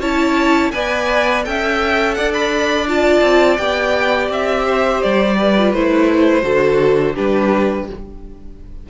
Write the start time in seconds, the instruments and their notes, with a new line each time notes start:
0.00 cello C#4, viola E4, violin C#5 A5
0.72 cello B3, viola B4, violin D5 G#5
1.44 cello C#4, viola A4, violin E5 G5
2.14 cello D4, violin D5 F#5
2.33 violin B5
2.88 viola F4, violin A5
3.22 cello C4
3.58 cello B3, viola G4, violin G5
4.29 cello C4, violin E5
4.66 violin C5
5.03 cello G3, violin D5
5.38 violin B4
5.58 viola F4
5.73 cello A3, viola E4, violin C5
6.42 cello D3, viola F#4, violin A4
7.15 cello G3, viola D4, violin G4 B4